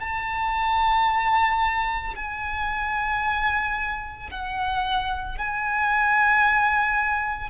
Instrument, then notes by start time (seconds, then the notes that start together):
violin
0.00 A5
2.15 G#5
4.31 F#5
5.38 G#5